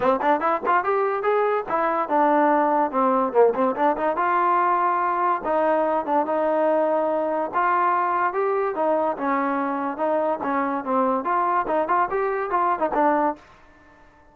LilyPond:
\new Staff \with { instrumentName = "trombone" } { \time 4/4 \tempo 4 = 144 c'8 d'8 e'8 f'8 g'4 gis'4 | e'4 d'2 c'4 | ais8 c'8 d'8 dis'8 f'2~ | f'4 dis'4. d'8 dis'4~ |
dis'2 f'2 | g'4 dis'4 cis'2 | dis'4 cis'4 c'4 f'4 | dis'8 f'8 g'4 f'8. dis'16 d'4 | }